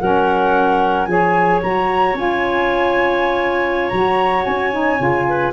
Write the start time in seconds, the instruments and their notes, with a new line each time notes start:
0.00 tuba F#3, saxophone C#4, clarinet A#4, flute F#5
1.05 tuba F3, saxophone G#4, clarinet C#5, flute G#5
1.63 tuba F#3, saxophone F#4, flute A#5
2.14 tuba C#4, saxophone F4, flute G#5
3.89 tuba F#3, saxophone F#4, flute A#5
4.44 tuba C#4, flute G#5
4.72 saxophone D#4
4.98 tuba C#3, saxophone F4
5.29 clarinet B4